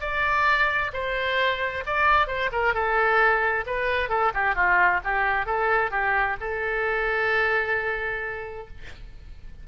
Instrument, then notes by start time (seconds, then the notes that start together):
oboe
0.00 D5
0.93 C5
1.86 D5
2.27 C5
2.52 A#4
2.74 A4
3.66 B4
4.09 A4
4.34 G4
4.55 F4
5.04 G4
5.46 A4
5.91 G4
6.40 A4